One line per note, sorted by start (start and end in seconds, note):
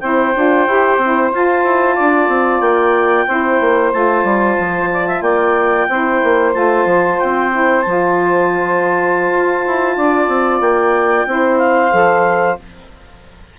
0.00 0.34 C4
0.00 0.34 E4
0.00 1.95 C5
0.00 1.30 G5
0.35 0.67 D4
0.35 0.68 F4
0.67 0.97 E4
0.67 1.01 G4
0.97 1.30 C4
0.97 1.33 E4
1.33 1.64 F4
1.33 3.27 F4
1.33 2.61 A5
1.64 1.97 E4
1.95 2.28 D4
1.95 3.25 D5
2.28 2.60 C4
2.60 3.26 A#3
2.60 3.91 G5
3.26 3.60 C4
3.26 3.93 E4
3.26 4.90 C5
3.60 3.93 A#3
3.93 4.24 A3
3.93 5.88 F4
3.93 5.21 A5
4.24 4.56 G3
4.59 5.21 F3
4.92 5.07 D5
5.07 5.22 E5
5.21 5.86 A#3
5.21 5.88 D5
5.21 6.52 G5
5.89 6.22 C4
5.89 6.53 E4
5.89 9.96 C5
6.23 6.54 A#3
6.53 6.85 A3
6.53 7.51 F4
6.53 7.19 A5
6.85 7.18 F3
7.19 7.86 C4
7.19 7.82 G5
7.51 7.84 E4
7.82 9.31 F3
7.82 11.28 F4
7.82 10.59 A5
9.31 9.64 F4
9.67 9.96 E4
9.96 10.28 D4
9.96 11.27 D5
10.28 10.60 C4
10.60 11.25 A#3
10.60 11.58 G5
11.26 11.91 C4
11.26 11.91 E4
11.26 12.59 C5
11.58 12.56 F5
11.91 12.58 F3
11.91 12.57 A4